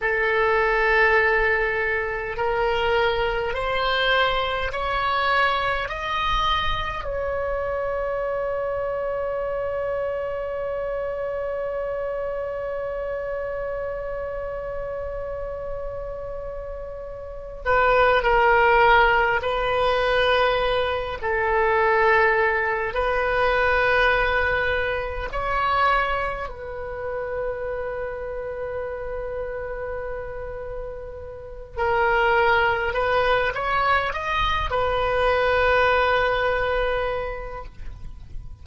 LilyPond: \new Staff \with { instrumentName = "oboe" } { \time 4/4 \tempo 4 = 51 a'2 ais'4 c''4 | cis''4 dis''4 cis''2~ | cis''1~ | cis''2. b'8 ais'8~ |
ais'8 b'4. a'4. b'8~ | b'4. cis''4 b'4.~ | b'2. ais'4 | b'8 cis''8 dis''8 b'2~ b'8 | }